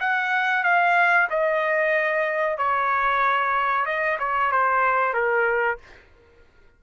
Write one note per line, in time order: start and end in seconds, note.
0.00 0.63 F#5
0.63 1.28 F5
1.30 2.58 D#5
2.58 3.86 C#5
3.86 4.18 D#5
4.19 4.52 C#5
4.52 5.13 C5
5.13 5.78 A#4